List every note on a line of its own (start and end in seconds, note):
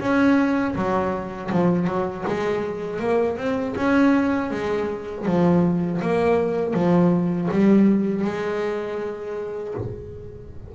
0.00 0.75 C#4
0.76 1.51 F#3
1.52 1.87 F3
1.87 2.25 F#3
2.27 3.00 G#3
3.00 3.38 A#3
3.38 3.75 C4
3.76 4.51 C#4
4.51 5.26 G#3
5.26 6.01 F3
6.02 6.74 A#3
6.74 7.49 F3
7.52 8.25 G3
8.25 9.75 G#3